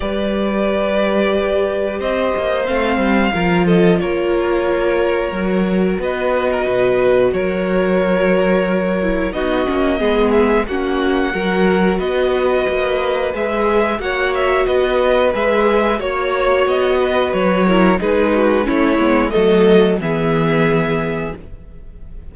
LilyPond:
<<
  \new Staff \with { instrumentName = "violin" } { \time 4/4 \tempo 4 = 90 d''2. dis''4 | f''4. dis''8 cis''2~ | cis''4 dis''2 cis''4~ | cis''2 dis''4. e''8 |
fis''2 dis''2 | e''4 fis''8 e''8 dis''4 e''4 | cis''4 dis''4 cis''4 b'4 | cis''4 dis''4 e''2 | }
  \new Staff \with { instrumentName = "violin" } { \time 4/4 b'2. c''4~ | c''4 ais'8 a'8 ais'2~ | ais'4 b'8. ais'16 b'4 ais'4~ | ais'2 fis'4 gis'4 |
fis'4 ais'4 b'2~ | b'4 cis''4 b'2 | cis''4. b'4 ais'8 gis'8 fis'8 | e'4 a'4 gis'2 | }
  \new Staff \with { instrumentName = "viola" } { \time 4/4 g'1 | c'4 f'2. | fis'1~ | fis'4. e'8 dis'8 cis'8 b4 |
cis'4 fis'2. | gis'4 fis'2 gis'4 | fis'2~ fis'8 e'8 dis'4 | cis'8 b8 a4 b2 | }
  \new Staff \with { instrumentName = "cello" } { \time 4/4 g2. c'8 ais8 | a8 g8 f4 ais2 | fis4 b4 b,4 fis4~ | fis2 b8 ais8 gis4 |
ais4 fis4 b4 ais4 | gis4 ais4 b4 gis4 | ais4 b4 fis4 gis4 | a8 gis8 fis4 e2 | }
>>